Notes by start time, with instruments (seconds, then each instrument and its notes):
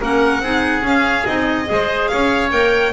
0.00 double bass A#3, clarinet C#4, oboe A#4, violin F#5
0.40 double bass C4, clarinet D#4, oboe G#4
0.82 clarinet C#4, double bass C#4, violin F5
1.26 double bass C4, clarinet D#4, violin D#5
1.65 double bass G#3, clarinet G#4
1.72 oboe C5
2.07 double bass C#4, oboe C#5, violin F5
2.50 double bass A#3, clarinet A#4, violin G5